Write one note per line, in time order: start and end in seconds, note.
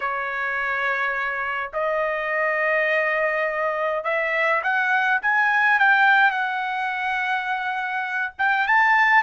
0.00 1.71 C#5
1.73 4.04 D#5
4.04 4.62 E5
4.63 5.21 F#5
5.22 5.79 G#5
5.79 6.30 G5
6.30 8.32 F#5
8.38 8.67 G5
8.67 9.22 A5